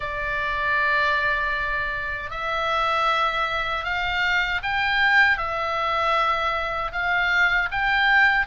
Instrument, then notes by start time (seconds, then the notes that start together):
oboe
0.00 D5
2.30 E5
3.84 F5
4.62 G5
5.37 E5
6.92 F5
7.71 G5